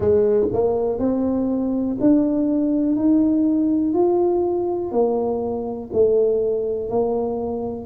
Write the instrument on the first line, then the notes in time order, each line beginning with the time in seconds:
tuba
0.00 G#3
0.52 A#3
0.98 C4
2.00 D4
2.96 D#4
3.93 F4
4.91 A#3
5.92 A3
6.89 A#3